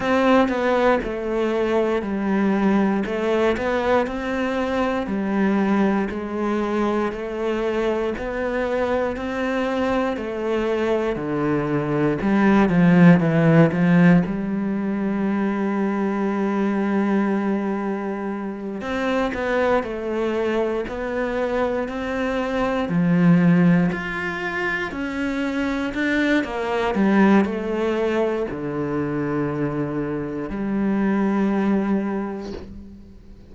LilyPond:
\new Staff \with { instrumentName = "cello" } { \time 4/4 \tempo 4 = 59 c'8 b8 a4 g4 a8 b8 | c'4 g4 gis4 a4 | b4 c'4 a4 d4 | g8 f8 e8 f8 g2~ |
g2~ g8 c'8 b8 a8~ | a8 b4 c'4 f4 f'8~ | f'8 cis'4 d'8 ais8 g8 a4 | d2 g2 | }